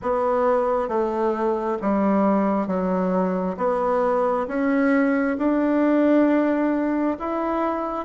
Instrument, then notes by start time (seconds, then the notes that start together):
bassoon
0.02 B3
0.88 A3
1.81 G3
2.67 F#3
3.57 B3
4.47 C#4
5.37 D4
7.19 E4